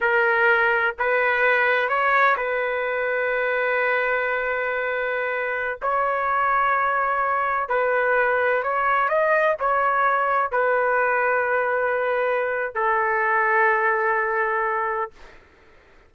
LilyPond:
\new Staff \with { instrumentName = "trumpet" } { \time 4/4 \tempo 4 = 127 ais'2 b'2 | cis''4 b'2.~ | b'1~ | b'16 cis''2.~ cis''8.~ |
cis''16 b'2 cis''4 dis''8.~ | dis''16 cis''2 b'4.~ b'16~ | b'2. a'4~ | a'1 | }